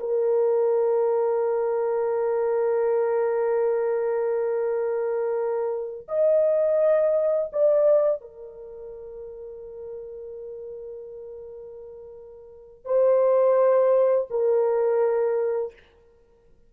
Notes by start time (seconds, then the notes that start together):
0.00 A#4
6.09 D#5
7.53 D5
8.21 A#4
12.85 C5
14.30 A#4